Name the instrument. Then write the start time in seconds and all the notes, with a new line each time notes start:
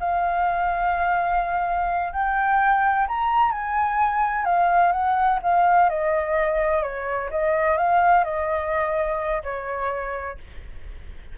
flute
0.00 F5
2.13 G5
3.08 A#5
3.52 G#5
4.45 F5
4.92 F#5
5.43 F5
5.89 D#5
6.83 C#5
7.31 D#5
7.77 F5
8.24 D#5
9.43 C#5